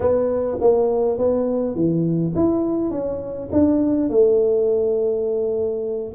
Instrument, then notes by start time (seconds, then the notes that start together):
tuba
0.00 B3
0.60 A#3
1.18 B3
1.75 E3
2.35 E4
2.90 C#4
3.51 D4
4.09 A3